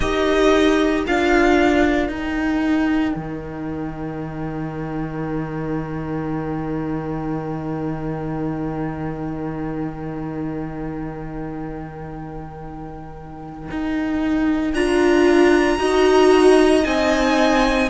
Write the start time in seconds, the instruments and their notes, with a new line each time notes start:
0.00 cello D#4, viola G4, violin A#4 D#5
1.06 cello D4, viola F4, violin F5
2.09 cello D#4, viola D#4, violin G5
3.16 cello D#3
13.70 cello D#4
14.73 cello D4, viola F4, violin A#5
15.78 cello D#4, viola F#4, violin D#5
16.83 cello C4, viola D#4, violin G#5